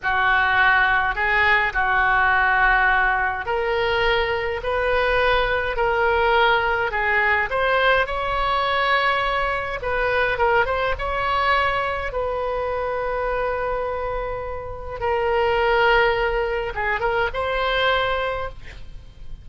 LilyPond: \new Staff \with { instrumentName = "oboe" } { \time 4/4 \tempo 4 = 104 fis'2 gis'4 fis'4~ | fis'2 ais'2 | b'2 ais'2 | gis'4 c''4 cis''2~ |
cis''4 b'4 ais'8 c''8 cis''4~ | cis''4 b'2.~ | b'2 ais'2~ | ais'4 gis'8 ais'8 c''2 | }